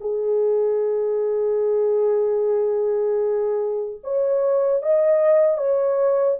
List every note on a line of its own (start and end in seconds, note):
0.00 4.00 G#4
4.03 4.82 C#5
4.82 5.57 D#5
5.57 6.37 C#5